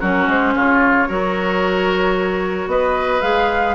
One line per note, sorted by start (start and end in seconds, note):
0.00 0.28 F#3
0.00 1.08 C#4
0.00 0.54 F#4
0.00 0.27 A#4
0.28 0.54 G#3
0.28 0.56 C5
0.55 1.08 C#3
0.55 1.08 F4
0.55 2.69 C#5
1.08 2.67 F#3
1.08 3.22 F#4
1.08 2.69 A#4
2.67 3.20 B3
2.67 3.75 B4
2.67 3.22 D#5
3.22 3.75 G#3
3.22 3.75 G#4
3.22 3.75 F5